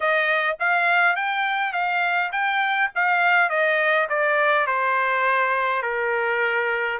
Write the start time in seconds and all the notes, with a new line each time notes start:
0.00 D#5
0.59 F5
1.16 G5
1.73 F5
2.32 G5
2.95 F5
3.49 D#5
4.09 D5
4.66 C5
5.82 A#4